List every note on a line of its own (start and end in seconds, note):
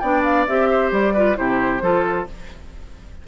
0.00 0.47 B3
0.00 0.48 D4
0.00 0.68 D5
0.00 0.22 G5
0.24 0.47 F5
0.47 0.92 C4
0.47 1.15 G4
0.47 0.92 E5
0.71 1.14 C5
0.92 1.37 G3
0.92 1.37 D5
1.14 1.36 F4
1.14 1.36 B4
1.36 1.82 C3
1.36 1.81 E4
1.36 1.83 G4
1.36 2.27 C5
1.82 2.26 F3
1.82 2.27 F4
1.82 2.28 A4